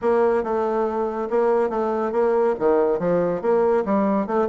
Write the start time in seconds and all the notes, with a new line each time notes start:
0.01 A#3
0.43 A3
1.30 A#3
1.69 A3
2.12 A#3
2.59 D#3
2.99 F3
3.41 A#3
3.85 G3
4.27 A3